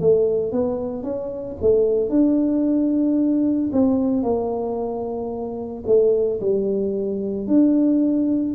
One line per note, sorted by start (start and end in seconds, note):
0.00 0.52 A3
0.52 1.03 B3
1.03 1.57 C#4
1.61 2.09 A3
2.09 3.70 D4
3.72 4.23 C4
4.23 5.83 A#3
5.86 6.40 A3
6.40 7.47 G3
7.47 8.54 D4